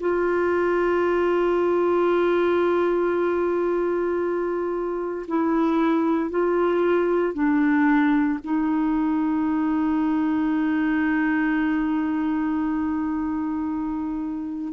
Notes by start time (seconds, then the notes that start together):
0.00 F4
5.28 E4
6.31 F4
7.34 D4
8.44 D#4